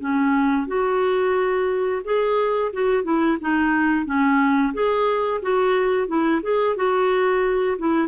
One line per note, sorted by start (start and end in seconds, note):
0.00 0.67 C#4
0.67 2.02 F#4
2.05 2.72 G#4
2.73 3.04 F#4
3.04 3.38 E4
3.41 4.06 D#4
4.06 4.73 C#4
4.74 5.41 G#4
5.42 6.08 F#4
6.08 6.41 E4
6.42 6.76 G#4
6.76 7.77 F#4
7.78 8.08 E4